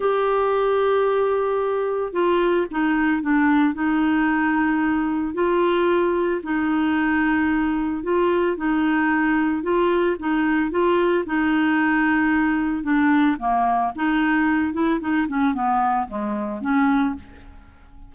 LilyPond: \new Staff \with { instrumentName = "clarinet" } { \time 4/4 \tempo 4 = 112 g'1 | f'4 dis'4 d'4 dis'4~ | dis'2 f'2 | dis'2. f'4 |
dis'2 f'4 dis'4 | f'4 dis'2. | d'4 ais4 dis'4. e'8 | dis'8 cis'8 b4 gis4 cis'4 | }